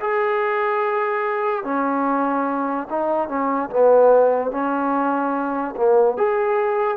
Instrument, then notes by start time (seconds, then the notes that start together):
trombone
0.00 G#4
1.64 C#4
2.90 D#4
3.28 C#4
3.70 B3
4.51 C#4
5.76 A#3
6.17 G#4